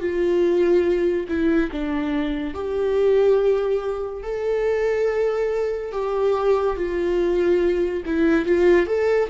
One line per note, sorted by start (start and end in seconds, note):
0.00 1.27 F4
1.28 1.71 E4
1.71 2.54 D4
2.54 4.23 G4
4.23 5.92 A4
5.92 6.76 G4
6.76 8.03 F4
8.06 8.45 E4
8.45 8.86 F4
8.86 9.28 A4